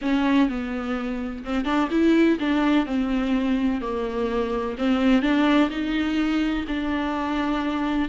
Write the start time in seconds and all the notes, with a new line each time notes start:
0.01 C#4
0.48 B3
1.44 C4
1.65 D4
1.90 E4
2.39 D4
2.85 C4
3.81 A#3
4.77 C4
5.21 D4
5.70 D#4
6.67 D4